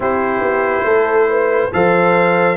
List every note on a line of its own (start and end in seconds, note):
0.00 0.41 C4
0.00 1.71 E4
0.00 0.85 G4
0.00 1.73 C5
0.41 0.83 B3
0.84 1.69 A3
0.84 1.27 A4
1.30 1.72 B4
1.72 2.57 F3
1.72 2.57 A4
1.72 2.57 C5
1.72 2.57 F5